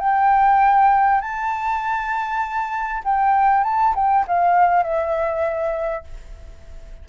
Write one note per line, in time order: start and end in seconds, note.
0.00 1.21 G5
1.21 3.03 A5
3.04 3.64 G5
3.64 3.94 A5
3.96 4.26 G5
4.28 4.83 F5
4.83 6.05 E5